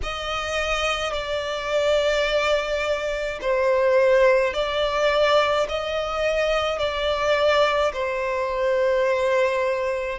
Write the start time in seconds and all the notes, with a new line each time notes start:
0.03 D#5
1.12 D5
3.41 C5
4.53 D5
5.69 D#5
6.78 D5
7.92 C5